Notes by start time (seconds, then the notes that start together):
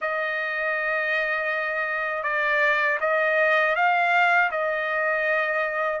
0.01 D#5
2.23 D5
3.00 D#5
3.75 F5
4.51 D#5